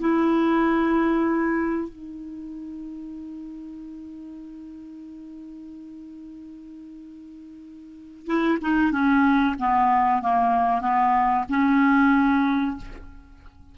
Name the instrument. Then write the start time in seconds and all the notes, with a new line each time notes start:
clarinet
0.00 E4
1.89 D#4
8.27 E4
8.62 D#4
8.92 C#4
9.59 B3
10.23 A#3
10.82 B3
11.49 C#4